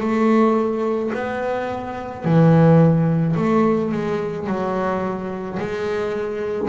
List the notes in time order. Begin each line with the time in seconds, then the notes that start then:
0.00 A3
1.14 B3
2.24 E3
3.36 A3
3.91 G#3
4.46 F#3
5.59 G#3